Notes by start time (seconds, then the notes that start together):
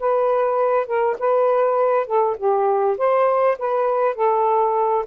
0.00 B4
0.86 A#4
1.19 B4
2.06 A4
2.37 G4
2.98 C5
3.58 B4
4.15 A4